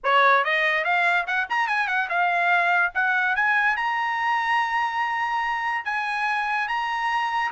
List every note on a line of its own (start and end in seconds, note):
0.03 0.44 C#5
0.44 0.84 D#5
0.84 1.26 F5
1.26 1.47 F#5
1.49 1.67 A#5
1.67 1.87 G#5
1.87 2.08 F#5
2.09 2.92 F5
2.94 3.35 F#5
3.35 3.76 G#5
3.76 5.84 A#5
5.84 6.67 G#5
6.67 7.51 A#5